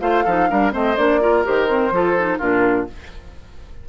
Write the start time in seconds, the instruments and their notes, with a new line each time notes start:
0.00 bassoon A3, clarinet F4, oboe C5, flute F5
0.24 bassoon F3, clarinet D#4, oboe A4
0.49 bassoon G3, clarinet D4, oboe A#4
0.71 bassoon A3, clarinet C4, oboe C5, flute D#5
0.96 bassoon A#3, clarinet D4, flute D5
1.20 clarinet F4, oboe A#4
1.44 bassoon D#3, clarinet G4, flute C5
1.68 clarinet C4
1.91 bassoon F3, clarinet F4, oboe A4
2.17 clarinet D#4
2.38 bassoon A#2, clarinet D4, oboe F4, flute A#4